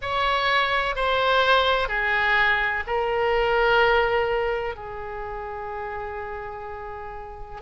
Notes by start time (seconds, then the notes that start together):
0.01 C#5
0.95 C5
1.88 G#4
2.86 A#4
4.75 G#4